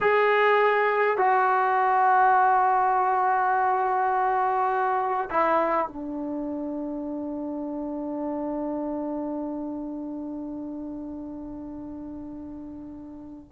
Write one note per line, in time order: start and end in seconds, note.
0.01 1.17 G#4
1.17 5.29 F#4
5.30 5.87 E4
5.87 13.51 D4